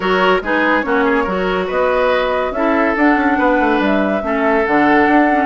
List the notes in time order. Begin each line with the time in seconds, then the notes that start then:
0.00 F#3 F#4 A#4 C#5
0.41 G#3 D#4 G#4 B4
0.81 A#3 C#4 F#4 C#5
1.04 G#4
1.23 F#3 F#4 A#4
1.67 B3 B4 D#5
2.51 C#4 E4 A4 E5
2.96 D4 F#5
3.16 C#4
3.38 B3 B4
3.60 A3
3.79 G3 E5
4.21 A3 C#4 A4
4.65 D3 D4 F#5
5.07 D4
5.29 C#4